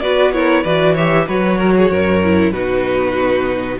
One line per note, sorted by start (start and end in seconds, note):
0.00 0.64 B3
0.00 0.33 F#4
0.00 0.33 B4
0.00 0.32 D5
0.32 0.64 E4
0.32 0.62 A#4
0.32 0.63 C#5
0.62 1.27 E3
0.62 0.97 F#4
0.62 0.93 B4
0.62 0.95 D5
0.93 1.27 G4
0.93 1.25 C#5
0.93 1.28 E5
1.27 1.90 F#3
1.27 2.22 F#4
1.27 1.58 B4
1.27 2.51 C#5
1.58 1.73 A#4
1.76 1.90 G#4
1.90 2.52 F#2
1.90 2.52 A#4
2.23 2.53 E4
2.51 3.79 B2
2.51 3.79 D#4
2.51 3.78 F#4
2.51 3.78 B4